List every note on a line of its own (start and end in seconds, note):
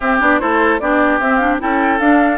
0.00 0.20 C4
0.00 0.40 G4
0.00 0.21 E5
0.20 0.40 B3
0.20 0.40 D4
0.20 0.39 D5
0.39 0.80 A3
0.39 0.80 E4
0.39 0.81 A4
0.39 0.79 C5
0.79 1.19 B3
0.79 1.21 D4
0.79 1.61 G4
0.79 1.19 D5
1.19 1.59 C4
1.19 1.39 C4
1.19 1.35 E5
1.35 1.59 D4
1.35 1.55 F5
1.59 1.99 C#4
1.59 1.99 E4
1.59 2.37 A4
1.59 1.99 G5
1.99 2.37 D4
1.99 2.37 F5